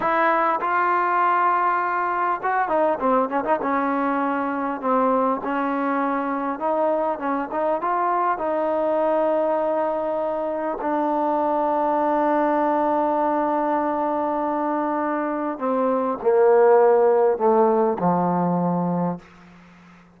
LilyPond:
\new Staff \with { instrumentName = "trombone" } { \time 4/4 \tempo 4 = 100 e'4 f'2. | fis'8 dis'8 c'8 cis'16 dis'16 cis'2 | c'4 cis'2 dis'4 | cis'8 dis'8 f'4 dis'2~ |
dis'2 d'2~ | d'1~ | d'2 c'4 ais4~ | ais4 a4 f2 | }